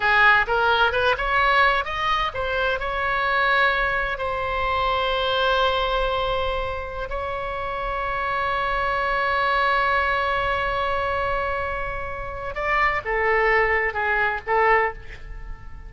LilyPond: \new Staff \with { instrumentName = "oboe" } { \time 4/4 \tempo 4 = 129 gis'4 ais'4 b'8 cis''4. | dis''4 c''4 cis''2~ | cis''4 c''2.~ | c''2.~ c''16 cis''8.~ |
cis''1~ | cis''1~ | cis''2. d''4 | a'2 gis'4 a'4 | }